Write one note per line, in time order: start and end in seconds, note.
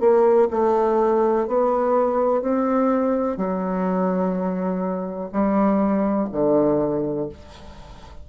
0.00 0.48 A#3
0.51 1.48 A3
1.48 2.42 B3
2.42 3.37 C4
3.37 5.30 F#3
5.32 6.29 G3
6.33 7.29 D3